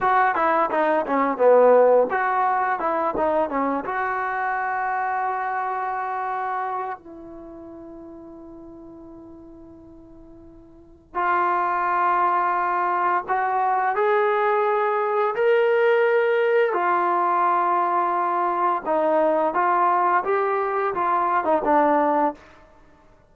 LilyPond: \new Staff \with { instrumentName = "trombone" } { \time 4/4 \tempo 4 = 86 fis'8 e'8 dis'8 cis'8 b4 fis'4 | e'8 dis'8 cis'8 fis'2~ fis'8~ | fis'2 e'2~ | e'1 |
f'2. fis'4 | gis'2 ais'2 | f'2. dis'4 | f'4 g'4 f'8. dis'16 d'4 | }